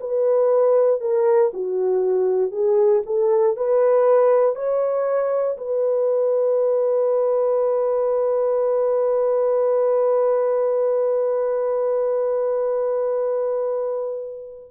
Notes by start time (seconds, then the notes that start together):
0.00 B4
1.00 A#4
1.53 F#4
2.51 G#4
3.06 A4
3.56 B4
4.55 C#5
5.57 B4